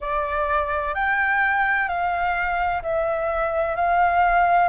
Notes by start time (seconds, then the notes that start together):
0.00 D5
0.94 G5
1.88 F5
2.82 E5
3.75 F5